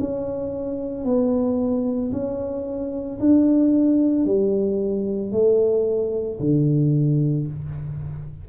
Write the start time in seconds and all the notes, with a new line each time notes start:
0.00 C#4
1.04 B3
2.12 C#4
3.20 D4
4.26 G3
5.32 A3
6.40 D3